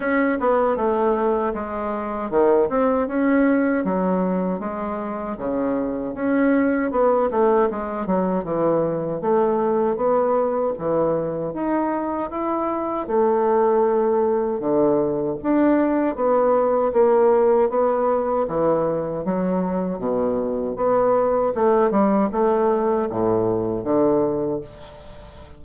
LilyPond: \new Staff \with { instrumentName = "bassoon" } { \time 4/4 \tempo 4 = 78 cis'8 b8 a4 gis4 dis8 c'8 | cis'4 fis4 gis4 cis4 | cis'4 b8 a8 gis8 fis8 e4 | a4 b4 e4 dis'4 |
e'4 a2 d4 | d'4 b4 ais4 b4 | e4 fis4 b,4 b4 | a8 g8 a4 a,4 d4 | }